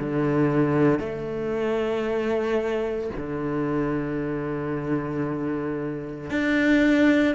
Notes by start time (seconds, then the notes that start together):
0.00 D3
1.00 A3
3.17 D3
6.31 D4